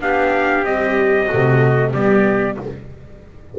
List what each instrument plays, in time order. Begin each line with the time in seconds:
0.00 double bass B3, viola D4, trumpet G4 F5
0.64 viola G3, double bass C4, trumpet D#5
1.26 viola A3, trumpet F#4
1.33 double bass C3
1.93 double bass G3, viola B3, trumpet G4 D5